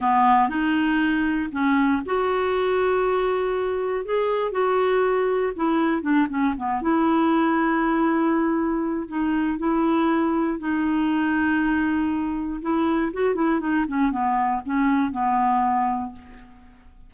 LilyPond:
\new Staff \with { instrumentName = "clarinet" } { \time 4/4 \tempo 4 = 119 b4 dis'2 cis'4 | fis'1 | gis'4 fis'2 e'4 | d'8 cis'8 b8 e'2~ e'8~ |
e'2 dis'4 e'4~ | e'4 dis'2.~ | dis'4 e'4 fis'8 e'8 dis'8 cis'8 | b4 cis'4 b2 | }